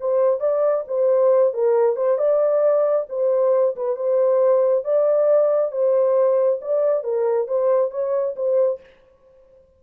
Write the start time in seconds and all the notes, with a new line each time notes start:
0.00 C5
0.40 D5
0.88 C5
1.54 A#4
1.96 C5
2.18 D5
3.09 C5
3.76 B4
3.96 C5
4.84 D5
5.71 C5
6.61 D5
7.04 A#4
7.48 C5
7.91 C#5
8.36 C5